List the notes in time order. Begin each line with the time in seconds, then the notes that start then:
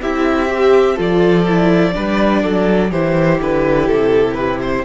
0.00 C4 E4 G4 E5
0.48 G4
0.95 F3 F4 A4 D5
1.48 E4
1.93 G3 D4 B4
2.43 F#3 A4
2.91 E3 E4 G4 C5
3.41 D3 B4
3.87 C3 A4
4.34 B4
4.61 C5